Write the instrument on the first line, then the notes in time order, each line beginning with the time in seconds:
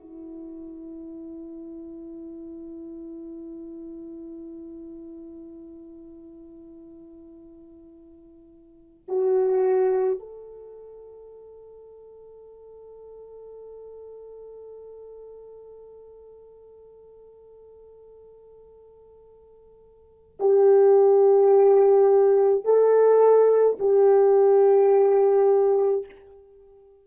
horn
0.00 E4
9.08 F#4
10.19 A4
20.40 G4
22.65 A4
23.79 G4